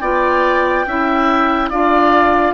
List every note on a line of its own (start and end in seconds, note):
0.00 0.86 B3
0.00 0.86 F4
0.00 0.86 D5
0.00 1.69 G5
0.87 1.71 C#4
0.87 1.72 E4
0.87 1.70 E5
1.70 2.54 D4
1.70 2.54 F4
1.70 2.54 D5
1.70 2.54 F5